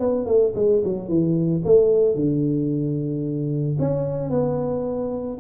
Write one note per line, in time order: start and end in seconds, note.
0.00 0.27 B3
0.27 0.54 A3
0.56 0.83 G#3
0.85 1.09 F#3
1.09 1.63 E3
1.65 2.15 A3
2.15 3.78 D3
3.80 4.30 C#4
4.30 5.39 B3